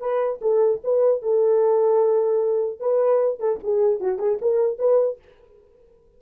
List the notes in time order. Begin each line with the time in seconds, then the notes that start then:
0.00 B4
0.42 A4
0.84 B4
1.23 A4
2.80 B4
3.40 A4
3.64 G#4
4.00 F#4
4.19 G#4
4.42 A#4
4.79 B4